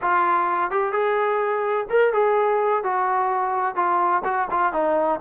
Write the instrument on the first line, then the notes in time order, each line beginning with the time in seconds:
trombone
0.01 F4
0.71 G4
0.92 G#4
1.89 A#4
2.13 G#4
2.83 F#4
3.75 F4
4.24 F#4
4.50 F4
4.72 D#4